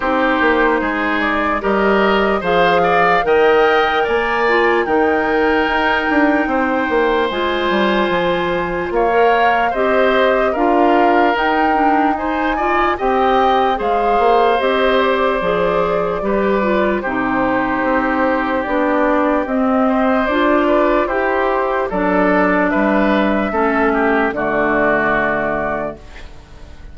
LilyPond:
<<
  \new Staff \with { instrumentName = "flute" } { \time 4/4 \tempo 4 = 74 c''4. d''8 dis''4 f''4 | g''4 gis''4 g''2~ | g''4 gis''2 f''4 | dis''4 f''4 g''4 gis''4 |
g''4 f''4 dis''8 d''4.~ | d''4 c''2 d''4 | dis''4 d''4 c''4 d''4 | e''2 d''2 | }
  \new Staff \with { instrumentName = "oboe" } { \time 4/4 g'4 gis'4 ais'4 c''8 d''8 | dis''4 d''4 ais'2 | c''2. cis''4 | c''4 ais'2 c''8 d''8 |
dis''4 c''2. | b'4 g'2.~ | g'8 c''4 b'8 g'4 a'4 | b'4 a'8 g'8 fis'2 | }
  \new Staff \with { instrumentName = "clarinet" } { \time 4/4 dis'2 g'4 gis'4 | ais'4. f'8 dis'2~ | dis'4 f'2~ f'16 ais'8. | g'4 f'4 dis'8 d'8 dis'8 f'8 |
g'4 gis'4 g'4 gis'4 | g'8 f'8 dis'2 d'4 | c'4 f'4 g'4 d'4~ | d'4 cis'4 a2 | }
  \new Staff \with { instrumentName = "bassoon" } { \time 4/4 c'8 ais8 gis4 g4 f4 | dis4 ais4 dis4 dis'8 d'8 | c'8 ais8 gis8 g8 f4 ais4 | c'4 d'4 dis'2 |
c'4 gis8 ais8 c'4 f4 | g4 c4 c'4 b4 | c'4 d'4 e'4 fis4 | g4 a4 d2 | }
>>